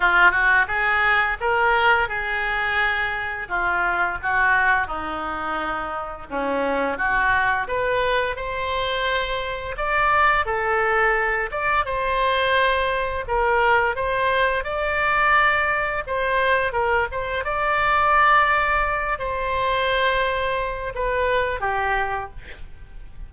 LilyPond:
\new Staff \with { instrumentName = "oboe" } { \time 4/4 \tempo 4 = 86 f'8 fis'8 gis'4 ais'4 gis'4~ | gis'4 f'4 fis'4 dis'4~ | dis'4 cis'4 fis'4 b'4 | c''2 d''4 a'4~ |
a'8 d''8 c''2 ais'4 | c''4 d''2 c''4 | ais'8 c''8 d''2~ d''8 c''8~ | c''2 b'4 g'4 | }